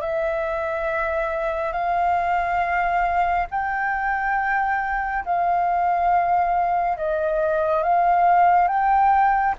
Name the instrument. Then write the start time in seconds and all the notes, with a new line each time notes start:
flute
0.00 E5
1.72 F5
3.50 G5
5.25 F5
6.97 D#5
7.83 F5
8.68 G5